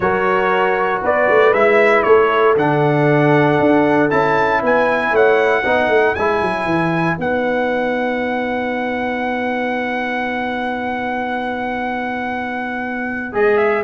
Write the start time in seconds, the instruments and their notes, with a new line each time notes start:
0.00 tuba F#3, trombone F#4, horn A#4, trumpet C#5
1.02 tuba B3, horn B4, trumpet D5
1.29 tuba A3
1.52 tuba G#3, trombone E4, trumpet E5
2.03 tuba A3, horn A4, trumpet C#5
2.56 tuba D3, trombone D4, trumpet F#5
3.60 tuba D4
4.09 tuba C#4, trombone E4, trumpet A5
4.62 tuba B3, horn B4, trumpet G#5
5.11 tuba A3, horn C#5, trumpet F#5
5.62 tuba B3, trombone D#4, horn B4
5.88 tuba A3
6.14 tuba G#3, trombone E4, trumpet G#5
6.41 tuba F#3
6.64 tuba E3
7.18 tuba B3, trombone D#4, trumpet F#5
13.32 tuba G#3, trombone G#4, trumpet D#5
13.57 trumpet E5